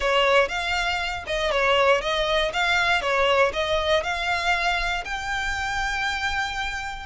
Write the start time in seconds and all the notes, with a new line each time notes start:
0.00 C#5
0.48 F5
1.26 D#5
1.51 C#5
2.01 D#5
2.53 F5
3.01 C#5
3.53 D#5
4.03 F5
5.04 G5